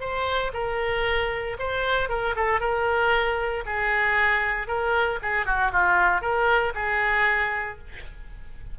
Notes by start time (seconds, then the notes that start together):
0.00 C5
0.53 A#4
1.59 C5
2.09 A#4
2.36 A4
2.60 A#4
3.66 G#4
4.67 A#4
5.22 G#4
5.46 F#4
5.72 F4
6.21 A#4
6.75 G#4